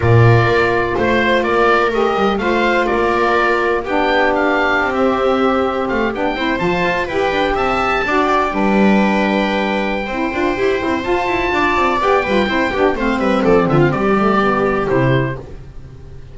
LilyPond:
<<
  \new Staff \with { instrumentName = "oboe" } { \time 4/4 \tempo 4 = 125 d''2 c''4 d''4 | dis''4 f''4 d''2 | g''4 f''4~ f''16 e''4.~ e''16~ | e''16 f''8 g''4 a''4 g''4 a''16~ |
a''4~ a''16 g''2~ g''8.~ | g''2. a''4~ | a''4 g''2 f''8 e''8 | d''8 e''16 f''16 d''2 c''4 | }
  \new Staff \with { instrumentName = "viola" } { \time 4/4 ais'2 c''4 ais'4~ | ais'4 c''4 ais'2 | g'1~ | g'4~ g'16 c''4. b'4 e''16~ |
e''8. d''4 b'2~ b'16~ | b'4 c''2. | d''4. b'8 c''8 g'8 c''8 b'8 | a'8 f'8 g'2. | }
  \new Staff \with { instrumentName = "saxophone" } { \time 4/4 f'1 | g'4 f'2. | d'2~ d'16 c'4.~ c'16~ | c'8. d'8 e'8 f'4 g'4~ g'16~ |
g'8. fis'4 d'2~ d'16~ | d'4 e'8 f'8 g'8 e'8 f'4~ | f'4 g'8 f'8 e'8 d'8 c'4~ | c'4. a8 b4 e'4 | }
  \new Staff \with { instrumentName = "double bass" } { \time 4/4 ais,4 ais4 a4 ais4 | a8 g8 a4 ais2 | b2 c'2~ | c'16 a8 b8 c'8 f8 f'8 e'8 d'8 c'16~ |
c'8. d'4 g2~ g16~ | g4 c'8 d'8 e'8 c'8 f'8 e'8 | d'8 c'8 b8 g8 c'8 b8 a8 g8 | f8 d8 g2 c4 | }
>>